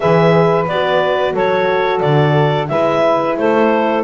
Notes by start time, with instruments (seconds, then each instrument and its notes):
0.00 double bass E3, horn G#4, saxophone B4, clarinet E5
0.67 double bass B3, horn F#4, clarinet D5
1.33 double bass F#3, saxophone A4, clarinet C#5
2.00 double bass D3, clarinet D5
2.68 double bass G#3, horn E4, saxophone B4, clarinet E5
3.37 double bass A3, saxophone A4, clarinet C5